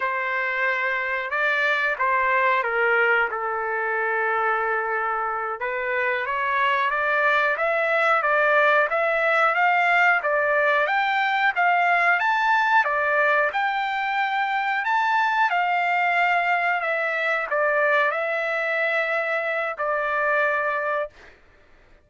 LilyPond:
\new Staff \with { instrumentName = "trumpet" } { \time 4/4 \tempo 4 = 91 c''2 d''4 c''4 | ais'4 a'2.~ | a'8 b'4 cis''4 d''4 e''8~ | e''8 d''4 e''4 f''4 d''8~ |
d''8 g''4 f''4 a''4 d''8~ | d''8 g''2 a''4 f''8~ | f''4. e''4 d''4 e''8~ | e''2 d''2 | }